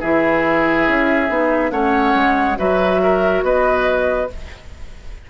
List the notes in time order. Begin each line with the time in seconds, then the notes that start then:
0.00 E3 E4 G#4 E5
0.88 C#4
1.28 B3 D#4
1.71 A3 C#4 C#5 F#5
2.14 G#3
2.56 F#3 F#4 B4 E5
3.03 A#4
3.42 B3 B4 D#5